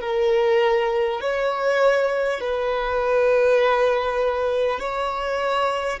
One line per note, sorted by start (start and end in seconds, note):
0.00 1.20 A#4
1.20 2.40 C#5
2.40 4.79 B4
4.79 5.99 C#5